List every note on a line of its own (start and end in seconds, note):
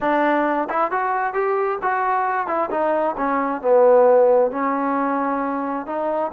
0.00 0.68 D4
0.69 0.91 E4
0.91 1.33 F#4
1.33 1.78 G4
1.82 2.47 F#4
2.47 2.69 E4
2.70 3.15 D#4
3.17 3.61 C#4
3.61 4.51 B3
4.51 5.86 C#4
5.86 6.31 D#4